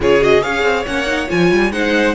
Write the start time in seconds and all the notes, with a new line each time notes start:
0.00 C#3 F4 G#4 C#5
0.20 F#4 D#5
0.41 C#4 G#4 C#5 F5
0.63 C4
0.85 A#3 C#4 F#5
1.06 D#4
1.28 F3 F4 G#5
1.51 G3
1.71 G#3 D#4 C5 F#5